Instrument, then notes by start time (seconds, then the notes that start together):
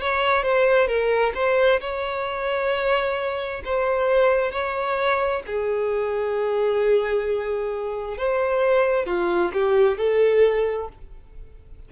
violin
0.00 C#5
0.43 C5
0.87 A#4
1.35 C5
1.81 C#5
3.65 C5
4.52 C#5
5.47 G#4
8.18 C5
9.06 F4
9.53 G4
9.98 A4